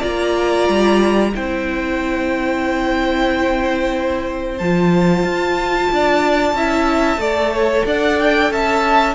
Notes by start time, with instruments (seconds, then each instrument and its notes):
0.00 cello A#3, viola F4, violin D5 A#5
0.68 cello G3
1.33 cello C4, viola E4, violin C5 G5
4.58 cello F3, viola F4, violin A5
5.23 cello F4
5.92 cello D4, violin D5
6.53 cello C#4, viola E4, violin E5
7.17 cello A3, viola A4, violin D5
7.53 violin C#5
7.86 cello D4, violin D5 F#5
8.20 violin G5
8.50 cello C#4, violin E5 A5